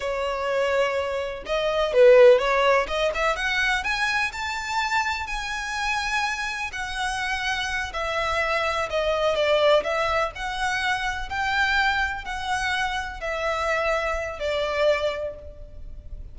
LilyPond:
\new Staff \with { instrumentName = "violin" } { \time 4/4 \tempo 4 = 125 cis''2. dis''4 | b'4 cis''4 dis''8 e''8 fis''4 | gis''4 a''2 gis''4~ | gis''2 fis''2~ |
fis''8 e''2 dis''4 d''8~ | d''8 e''4 fis''2 g''8~ | g''4. fis''2 e''8~ | e''2 d''2 | }